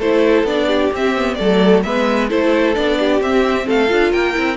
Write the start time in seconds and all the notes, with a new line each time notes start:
0.00 A3 E4 A4 C5
0.44 B3 D4 D5
0.67 G4
0.93 C4 E5
1.16 B3
1.35 F#3 A3 A4 D5
1.84 G#3 B3 B4 E5
2.30 A3 E4 A4 C5
2.75 B3 D4 D5
2.99 G4
3.21 C4 E5
3.67 A3 A4 F5
3.88 D4 F4
4.12 A#3 A#4 G5
4.33 C4 E4